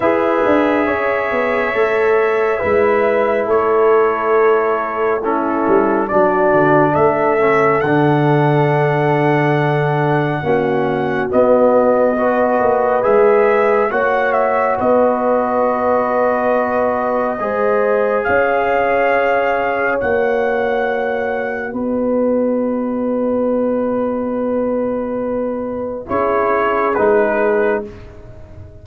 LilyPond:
<<
  \new Staff \with { instrumentName = "trumpet" } { \time 4/4 \tempo 4 = 69 e''1 | cis''2 a'4 d''4 | e''4 fis''2.~ | fis''4 dis''2 e''4 |
fis''8 e''8 dis''2.~ | dis''4 f''2 fis''4~ | fis''4 dis''2.~ | dis''2 cis''4 b'4 | }
  \new Staff \with { instrumentName = "horn" } { \time 4/4 b'4 cis''2 b'4 | a'2 e'4 fis'4 | a'1 | fis'2 b'2 |
cis''4 b'2. | c''4 cis''2.~ | cis''4 b'2.~ | b'2 gis'2 | }
  \new Staff \with { instrumentName = "trombone" } { \time 4/4 gis'2 a'4 e'4~ | e'2 cis'4 d'4~ | d'8 cis'8 d'2. | cis'4 b4 fis'4 gis'4 |
fis'1 | gis'2. fis'4~ | fis'1~ | fis'2 e'4 dis'4 | }
  \new Staff \with { instrumentName = "tuba" } { \time 4/4 e'8 d'8 cis'8 b8 a4 gis4 | a2~ a8 g8 fis8 d8 | a4 d2. | ais4 b4. ais8 gis4 |
ais4 b2. | gis4 cis'2 ais4~ | ais4 b2.~ | b2 cis'4 gis4 | }
>>